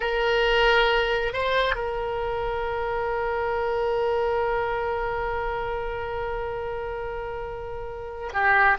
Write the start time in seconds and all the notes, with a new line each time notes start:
0.00 A#4
1.33 C5
1.75 A#4
8.33 G4